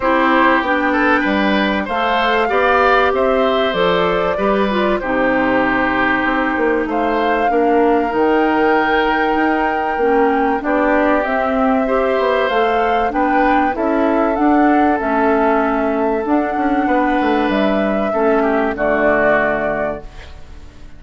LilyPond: <<
  \new Staff \with { instrumentName = "flute" } { \time 4/4 \tempo 4 = 96 c''4 g''2 f''4~ | f''4 e''4 d''2 | c''2. f''4~ | f''4 g''2.~ |
g''4 d''4 e''2 | f''4 g''4 e''4 fis''4 | e''2 fis''2 | e''2 d''2 | }
  \new Staff \with { instrumentName = "oboe" } { \time 4/4 g'4. a'8 b'4 c''4 | d''4 c''2 b'4 | g'2. c''4 | ais'1~ |
ais'4 g'2 c''4~ | c''4 b'4 a'2~ | a'2. b'4~ | b'4 a'8 g'8 fis'2 | }
  \new Staff \with { instrumentName = "clarinet" } { \time 4/4 e'4 d'2 a'4 | g'2 a'4 g'8 f'8 | dis'1 | d'4 dis'2. |
cis'4 d'4 c'4 g'4 | a'4 d'4 e'4 d'4 | cis'2 d'2~ | d'4 cis'4 a2 | }
  \new Staff \with { instrumentName = "bassoon" } { \time 4/4 c'4 b4 g4 a4 | b4 c'4 f4 g4 | c2 c'8 ais8 a4 | ais4 dis2 dis'4 |
ais4 b4 c'4. b8 | a4 b4 cis'4 d'4 | a2 d'8 cis'8 b8 a8 | g4 a4 d2 | }
>>